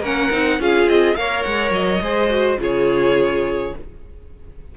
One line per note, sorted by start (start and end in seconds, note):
0.00 0.29 A#3
0.00 0.31 C#4
0.00 0.57 A#4
0.00 0.61 F#5
0.31 0.59 C4
0.31 0.59 D#4
0.59 0.86 C#4
0.59 1.16 F4
0.59 1.17 G#4
0.59 0.88 F5
0.86 1.15 C4
0.86 1.15 D#5
1.15 1.44 A#3
1.15 2.02 A#4
1.15 2.03 C#5
1.15 1.43 F5
1.43 1.70 G#3
1.43 1.71 F#5
1.70 1.99 F#3
1.70 2.59 D#5
2.00 2.57 G#3
2.00 2.29 G#4
2.00 2.60 C5
2.29 2.58 F#4
2.58 3.72 C#3
2.58 3.72 F4
2.58 3.75 G#4
2.58 3.76 C#5